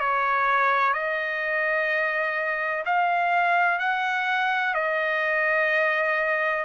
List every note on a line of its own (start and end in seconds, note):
0.00 0.94 C#5
0.94 2.84 D#5
2.85 3.79 F5
3.79 4.74 F#5
4.74 6.65 D#5